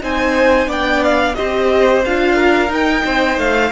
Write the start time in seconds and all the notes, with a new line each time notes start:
0.00 C4 D#4 C5 G#5
0.67 B3 D4 D5 G5
1.04 F5
1.34 C4 G4 C5 D#5
2.05 D4 F4 F5
2.35 A#4
2.68 D#4 G5
3.05 C4 C5
3.37 A3 F5